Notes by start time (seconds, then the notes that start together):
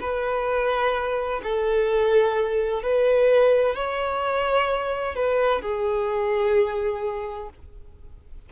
0.00 B4
1.43 A4
2.83 B4
3.75 C#5
5.15 B4
5.61 G#4